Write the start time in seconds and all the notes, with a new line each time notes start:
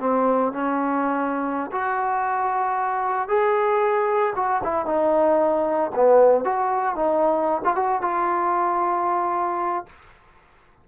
0.00 C4
0.53 C#4
1.72 F#4
3.28 G#4
4.36 F#4
4.64 E4
4.86 D#4
5.96 B3
6.45 F#4
6.96 D#4
7.64 F4
7.76 F#4
8.02 F4